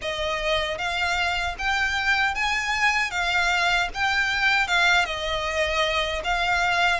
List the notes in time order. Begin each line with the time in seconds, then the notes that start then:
0.01 D#5
0.78 F5
1.58 G5
2.34 G#5
3.10 F5
3.94 G5
4.67 F5
5.05 D#5
6.24 F5